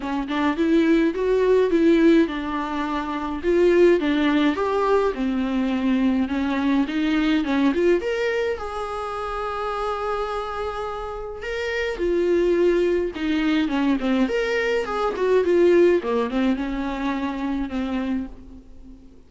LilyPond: \new Staff \with { instrumentName = "viola" } { \time 4/4 \tempo 4 = 105 cis'8 d'8 e'4 fis'4 e'4 | d'2 f'4 d'4 | g'4 c'2 cis'4 | dis'4 cis'8 f'8 ais'4 gis'4~ |
gis'1 | ais'4 f'2 dis'4 | cis'8 c'8 ais'4 gis'8 fis'8 f'4 | ais8 c'8 cis'2 c'4 | }